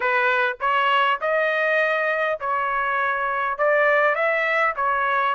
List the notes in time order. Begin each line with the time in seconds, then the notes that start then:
0.00 B4
0.60 C#5
1.20 D#5
2.40 C#5
3.58 D5
4.14 E5
4.76 C#5